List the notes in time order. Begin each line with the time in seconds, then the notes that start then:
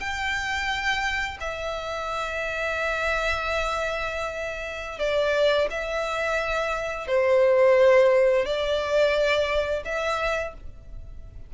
0.00 G5
1.40 E5
4.99 D5
5.70 E5
7.08 C5
8.45 D5
9.85 E5